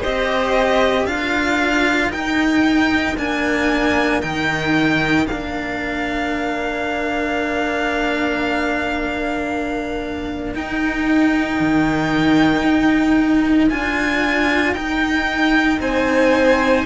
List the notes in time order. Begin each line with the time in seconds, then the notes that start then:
0.00 C4 G4 C5 D#5
1.05 D4 F4 A#4 F5
2.08 D#4 G5
3.18 A#3 D4 G#5
4.22 D#3 D#4 G5
5.28 A#3 D4 F5
10.54 D#4 G5
11.60 D#3
12.63 D#4
13.70 D4 F4 G#5
14.74 D#4 G5
15.79 C4 C5 G#5